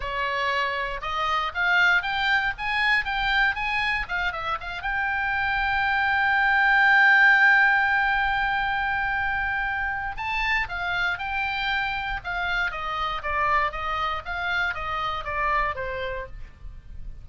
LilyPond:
\new Staff \with { instrumentName = "oboe" } { \time 4/4 \tempo 4 = 118 cis''2 dis''4 f''4 | g''4 gis''4 g''4 gis''4 | f''8 e''8 f''8 g''2~ g''8~ | g''1~ |
g''1 | a''4 f''4 g''2 | f''4 dis''4 d''4 dis''4 | f''4 dis''4 d''4 c''4 | }